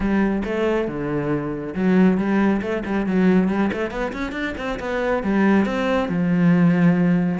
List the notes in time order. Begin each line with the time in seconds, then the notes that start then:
0.00 G3
0.44 A3
0.87 D3
1.74 F#3
2.17 G3
2.61 A3
2.85 G3
3.06 F#3
3.48 G3
3.73 A3
3.90 B3
4.12 C#4
4.32 D4
4.57 C4
4.79 B3
5.23 G3
5.65 C4
6.08 F3